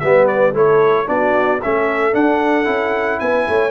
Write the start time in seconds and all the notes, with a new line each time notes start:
0.00 G3 B3 B4 E5
0.28 D5
0.54 A3 E4 A4 C#5
1.07 B3 D4 F#4 D5
1.62 A3 C#4 A4 E5
2.13 D4 F#5
2.65 C#4 E4
3.20 B3 B4 G#5
3.48 A3 C#5